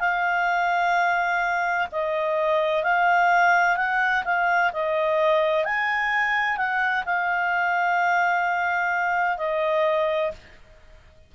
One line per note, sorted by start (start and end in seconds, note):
0.00 1.87 F5
1.92 2.84 D#5
2.84 3.77 F5
3.77 4.24 F#5
4.25 4.72 F5
4.73 5.65 D#5
5.65 6.58 G#5
6.58 7.04 F#5
7.06 9.38 F5
9.38 10.32 D#5